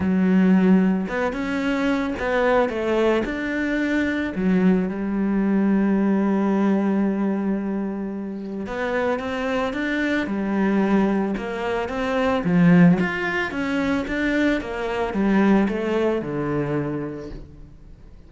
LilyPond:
\new Staff \with { instrumentName = "cello" } { \time 4/4 \tempo 4 = 111 fis2 b8 cis'4. | b4 a4 d'2 | fis4 g2.~ | g1 |
b4 c'4 d'4 g4~ | g4 ais4 c'4 f4 | f'4 cis'4 d'4 ais4 | g4 a4 d2 | }